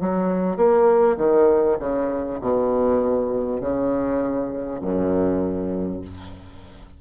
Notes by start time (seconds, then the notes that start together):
0.00 F#3
0.57 A#3
1.17 D#3
1.79 C#3
2.41 B2
3.61 C#3
4.81 F#2